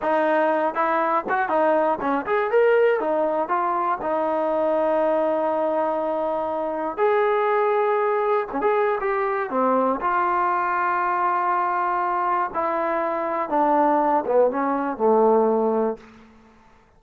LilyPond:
\new Staff \with { instrumentName = "trombone" } { \time 4/4 \tempo 4 = 120 dis'4. e'4 fis'8 dis'4 | cis'8 gis'8 ais'4 dis'4 f'4 | dis'1~ | dis'2 gis'2~ |
gis'4 cis'16 gis'8. g'4 c'4 | f'1~ | f'4 e'2 d'4~ | d'8 b8 cis'4 a2 | }